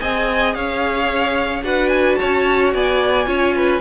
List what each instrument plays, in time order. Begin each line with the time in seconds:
0.00 cello C4, viola G#4, violin D#5 G#5
0.54 cello C#4, violin C#5 F5
1.62 cello D4, viola F#4, violin B4 F#5
1.89 violin G#5
2.16 violin C#5 A5
2.22 cello C#4
2.74 cello B3, violin D5 G#5
3.26 cello C#4, viola F4, violin C#5
3.55 violin B4